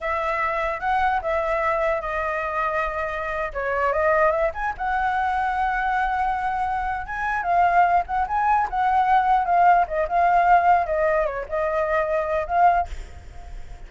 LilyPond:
\new Staff \with { instrumentName = "flute" } { \time 4/4 \tempo 4 = 149 e''2 fis''4 e''4~ | e''4 dis''2.~ | dis''8. cis''4 dis''4 e''8 gis''8 fis''16~ | fis''1~ |
fis''4. gis''4 f''4. | fis''8 gis''4 fis''2 f''8~ | f''8 dis''8 f''2 dis''4 | cis''8 dis''2~ dis''8 f''4 | }